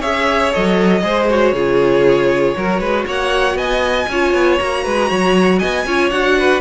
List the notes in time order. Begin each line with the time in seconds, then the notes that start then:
0.00 C#4 G#4 C#5 E5
0.52 F#3 A4 D#5
1.01 G#3 G#4 C5
1.30 F#4 C#5
1.52 C#3 F4 G#4
2.56 F#3 F#4 A#4
2.80 G#3 B4
3.07 A#3 C#5 F#5
3.55 B3 D#5 G#5
4.09 C#4 F4 C#5
4.34 B3
4.59 A#3 F#4 A#5
4.84 G#3 B4
5.09 F#3 C#5
5.59 B3 D#5 G#5
5.86 C#4 F4 C#5
6.11 D4 F#4 F#5
6.38 B4